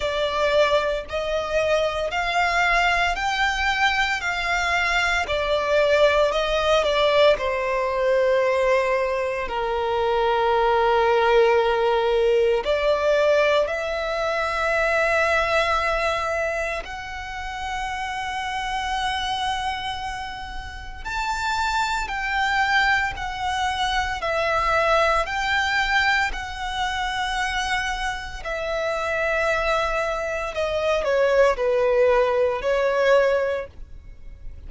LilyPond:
\new Staff \with { instrumentName = "violin" } { \time 4/4 \tempo 4 = 57 d''4 dis''4 f''4 g''4 | f''4 d''4 dis''8 d''8 c''4~ | c''4 ais'2. | d''4 e''2. |
fis''1 | a''4 g''4 fis''4 e''4 | g''4 fis''2 e''4~ | e''4 dis''8 cis''8 b'4 cis''4 | }